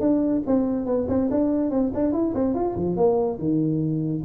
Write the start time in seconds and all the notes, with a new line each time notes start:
0.00 D4
0.46 C4
0.86 B3
1.08 C4
1.30 D4
1.71 C4
1.94 D4
2.12 E4
2.34 C4
2.54 F4
2.75 F3
2.96 A#3
3.38 D#3